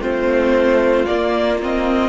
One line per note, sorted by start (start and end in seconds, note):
0.00 1.05 A3
0.00 1.07 C4
0.00 2.09 F4
0.00 1.05 C5
1.05 1.61 A#3
1.05 2.09 A#3
1.05 1.58 D5
1.62 2.09 C4
1.62 2.09 D#5